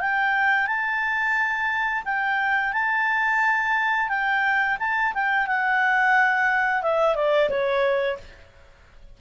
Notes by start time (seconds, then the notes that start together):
0.00 G5
0.67 A5
2.05 G5
2.73 A5
4.09 G5
4.79 A5
5.14 G5
5.47 F#5
6.82 E5
7.15 D5
7.50 C#5